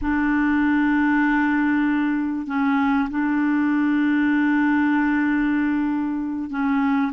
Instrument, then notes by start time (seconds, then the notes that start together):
clarinet
0.01 D4
2.46 C#4
3.09 D4
6.50 C#4